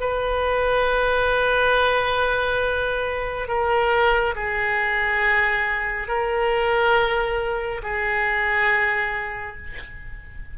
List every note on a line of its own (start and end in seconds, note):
0.00 3.48 B4
3.48 4.35 A#4
4.36 6.08 G#4
6.08 7.82 A#4
7.83 9.57 G#4